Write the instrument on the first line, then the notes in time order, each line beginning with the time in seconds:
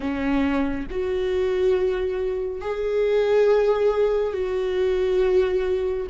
viola
0.00 C#4
0.90 F#4
2.61 G#4
4.33 F#4